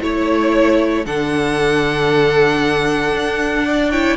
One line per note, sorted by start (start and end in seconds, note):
0.00 1.05 A3
0.00 1.04 E4
0.00 1.05 C#5
1.05 3.14 D3
1.05 3.92 D4
1.05 3.65 A4
1.05 3.91 F#5
3.14 4.16 D4
3.65 3.91 D5
3.91 4.16 E4
3.91 4.16 C#5
3.91 4.16 G5